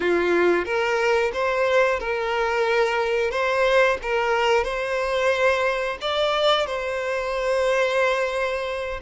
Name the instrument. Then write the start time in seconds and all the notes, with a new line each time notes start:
violin
0.00 F4
0.65 A#4
1.33 C5
1.99 A#4
3.30 C5
4.02 A#4
4.64 C5
6.01 D5
6.66 C5